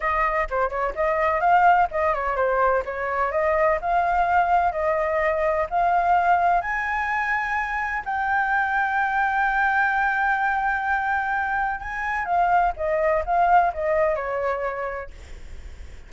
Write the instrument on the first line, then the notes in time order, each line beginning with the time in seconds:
flute
0.00 D#5
0.49 C5
0.69 C#5
0.95 D#5
1.40 F5
1.91 D#5
2.14 C#5
2.36 C5
2.85 C#5
3.31 D#5
3.81 F5
4.72 D#5
5.70 F5
6.61 G#5
8.05 G5
11.80 G#5
12.25 F5
12.76 D#5
13.25 F5
13.73 D#5
14.15 C#5